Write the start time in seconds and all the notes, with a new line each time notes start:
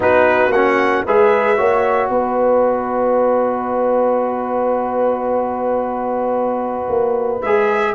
0.00 B3 D#4 F#4 B4
0.49 A#3 C#4 F#5
1.05 G#3 G#4 B4 E5
1.56 A#3 F#4 C#5
2.09 B3 B4 D#5
6.88 A#3
7.41 G#3 G#4 E5